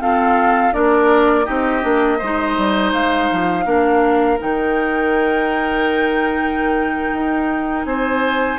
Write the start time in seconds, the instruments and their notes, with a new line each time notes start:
0.00 clarinet C4, bassoon F4, oboe A4, flute F5
0.73 bassoon A#3, clarinet D4, oboe A#4, flute D5
1.45 bassoon C4, clarinet D#4, oboe G4, flute D#5
1.82 bassoon A#3, clarinet D4
2.18 bassoon G#3, oboe C5
2.25 clarinet D#4
2.58 bassoon G3
2.93 bassoon G#3, flute F5
3.32 bassoon F3
3.66 bassoon A#3, clarinet D4, oboe A#4
4.39 bassoon D#3, clarinet D#4, flute G5
7.13 bassoon D#4
7.86 bassoon C4, oboe C5, flute G#5